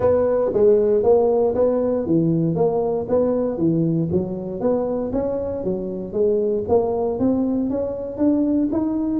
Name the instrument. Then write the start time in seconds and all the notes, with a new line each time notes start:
tuba
0.00 B3
0.53 G#3
1.03 A#3
1.55 B3
2.06 E3
2.55 A#3
3.08 B3
3.57 E3
4.11 F#3
4.60 B3
5.12 C#4
5.64 F#3
6.13 G#3
6.68 A#3
7.19 C4
7.70 C#4
8.17 D4
8.72 D#4